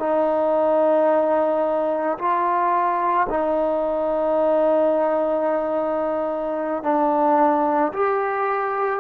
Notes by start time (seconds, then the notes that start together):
0.00 D#4
2.19 F4
3.30 D#4
6.83 D4
7.93 G4